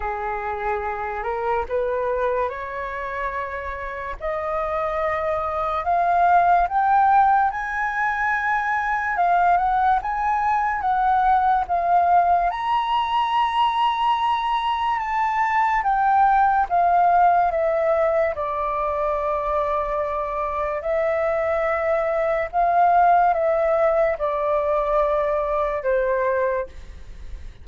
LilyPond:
\new Staff \with { instrumentName = "flute" } { \time 4/4 \tempo 4 = 72 gis'4. ais'8 b'4 cis''4~ | cis''4 dis''2 f''4 | g''4 gis''2 f''8 fis''8 | gis''4 fis''4 f''4 ais''4~ |
ais''2 a''4 g''4 | f''4 e''4 d''2~ | d''4 e''2 f''4 | e''4 d''2 c''4 | }